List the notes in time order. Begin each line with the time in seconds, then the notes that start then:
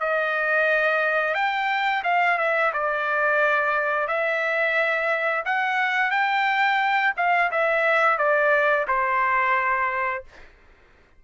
0.00 D#5
1.35 G5
2.04 F5
2.38 E5
2.73 D5
4.08 E5
5.45 F#5
6.11 G5
7.17 F5
7.52 E5
8.18 D5
8.88 C5